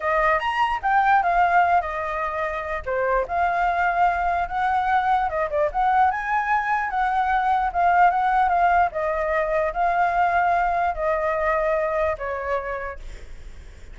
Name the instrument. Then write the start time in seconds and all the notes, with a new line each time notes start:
flute
0.00 D#5
0.39 A#5
0.82 G5
1.23 F5
1.81 D#5
2.85 C5
3.27 F5
4.48 F#5
5.29 D#5
5.50 D5
5.71 F#5
6.10 G#5
6.90 F#5
7.72 F5
8.10 F#5
8.49 F5
8.91 D#5
9.73 F5
10.95 D#5
12.18 C#5